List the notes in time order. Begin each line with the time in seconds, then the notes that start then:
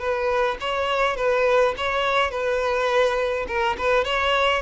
0.00 B4
0.61 C#5
1.17 B4
1.78 C#5
2.31 B4
3.48 A#4
3.78 B4
4.05 C#5